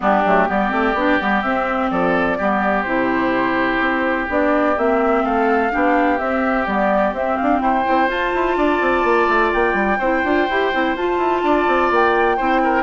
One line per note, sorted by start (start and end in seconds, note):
0.00 0.25 G3
0.00 0.23 B3
0.00 0.48 D4
0.00 0.50 G4
0.25 0.49 F#3
0.25 0.47 A3
0.47 0.72 G3
0.47 0.70 B3
0.47 1.91 G4
0.47 1.42 D5
0.70 0.94 A3
0.70 0.94 C4
0.94 1.17 B3
0.94 1.19 D4
1.19 1.43 G3
1.19 1.43 B3
1.42 1.90 C4
1.42 2.39 C4
1.42 1.89 E5
1.90 2.38 F3
1.90 2.37 A4
1.90 2.83 D5
2.37 2.85 G3
2.37 2.86 B3
2.37 5.23 G4
2.83 3.80 C3
2.83 4.28 E4
2.83 4.25 C5
3.80 4.27 C4
4.28 4.76 B3
4.28 4.76 D4
4.28 4.78 D5
4.77 5.24 A#3
4.77 5.71 C4
4.77 5.25 E5
5.24 5.71 A3
5.24 5.71 A4
5.24 6.17 F5
5.71 6.19 B3
5.71 6.18 D4
5.71 7.62 G4
6.17 6.66 C4
6.17 6.67 C4
6.17 6.65 E5
6.66 7.12 G3
6.66 7.14 B3
6.66 7.13 D5
7.12 7.36 C4
7.12 7.85 C4
7.12 7.36 E5
7.36 7.60 D4
7.36 7.60 F5
7.60 7.84 E4
7.60 8.57 C5
7.60 8.09 G5
7.85 8.08 C4
7.85 8.07 E4
8.07 9.98 F4
8.07 8.31 F4
8.07 9.53 A5
8.34 8.56 E4
8.56 8.80 D4
8.56 9.98 D5
8.81 9.03 C4
9.03 9.27 A#3
9.28 9.52 A3
9.53 9.73 A#3
9.53 10.96 G5
9.73 9.97 G3
9.98 10.23 C4
9.98 10.24 E4
9.98 11.41 C5
10.24 10.47 D4
10.24 10.47 F4
10.49 10.73 E4
10.49 10.72 G4
10.72 10.95 C4
10.72 10.96 E4
10.95 11.18 F4
10.95 12.37 F4
10.95 11.91 A5
11.18 11.42 E4
11.42 11.66 D4
11.42 12.36 D5
11.67 11.90 C4
11.90 12.38 A#3
11.90 12.83 G5
12.36 12.83 C4
12.36 12.83 E4
12.36 12.60 C5
12.63 12.83 A#4